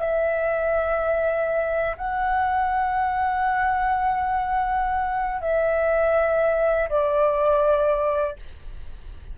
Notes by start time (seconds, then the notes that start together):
0.00 E5
1.97 F#5
5.41 E5
6.89 D5